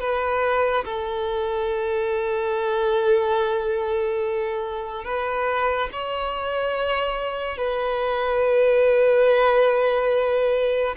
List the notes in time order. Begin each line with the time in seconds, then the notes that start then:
0.00 B4
0.85 A4
5.05 B4
5.93 C#5
7.57 B4